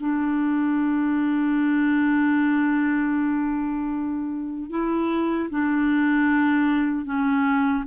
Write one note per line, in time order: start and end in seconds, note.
0.00 4.70 D4
4.70 5.49 E4
5.50 7.05 D4
7.05 7.84 C#4